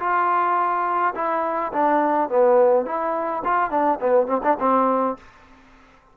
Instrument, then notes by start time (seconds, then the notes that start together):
trombone
0.00 F4
1.15 E4
1.73 D4
2.30 B3
2.86 E4
3.45 F4
3.71 D4
4.01 B3
4.27 C4
4.44 D4
4.60 C4